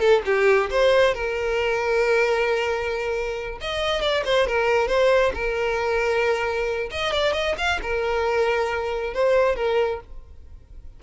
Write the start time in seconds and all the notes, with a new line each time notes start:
0.00 A4
0.26 G4
0.71 C5
1.15 A#4
3.61 D#5
4.02 D5
4.25 C5
4.47 A#4
4.88 C5
5.35 A#4
6.91 D#5
7.13 D5
7.34 D#5
7.58 F5
7.82 A#4
9.14 C5
9.56 A#4